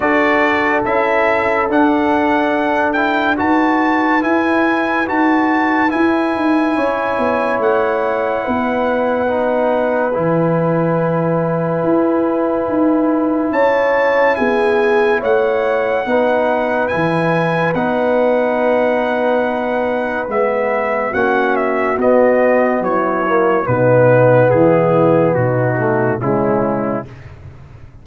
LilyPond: <<
  \new Staff \with { instrumentName = "trumpet" } { \time 4/4 \tempo 4 = 71 d''4 e''4 fis''4. g''8 | a''4 gis''4 a''4 gis''4~ | gis''4 fis''2. | gis''1 |
a''4 gis''4 fis''2 | gis''4 fis''2. | e''4 fis''8 e''8 dis''4 cis''4 | b'4 gis'4 fis'4 e'4 | }
  \new Staff \with { instrumentName = "horn" } { \time 4/4 a'1 | b'1 | cis''2 b'2~ | b'1 |
cis''4 gis'4 cis''4 b'4~ | b'1~ | b'4 fis'2 e'4 | dis'4 e'4 dis'4 cis'4 | }
  \new Staff \with { instrumentName = "trombone" } { \time 4/4 fis'4 e'4 d'4. e'8 | fis'4 e'4 fis'4 e'4~ | e'2. dis'4 | e'1~ |
e'2. dis'4 | e'4 dis'2. | b4 cis'4 b4. ais8 | b2~ b8 a8 gis4 | }
  \new Staff \with { instrumentName = "tuba" } { \time 4/4 d'4 cis'4 d'2 | dis'4 e'4 dis'4 e'8 dis'8 | cis'8 b8 a4 b2 | e2 e'4 dis'4 |
cis'4 b4 a4 b4 | e4 b2. | gis4 ais4 b4 fis4 | b,4 e4 b,4 cis4 | }
>>